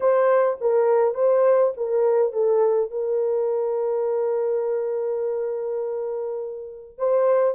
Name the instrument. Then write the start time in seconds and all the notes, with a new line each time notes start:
horn
0.00 C5
0.61 A#4
1.14 C5
1.76 A#4
2.32 A4
2.90 A#4
6.97 C5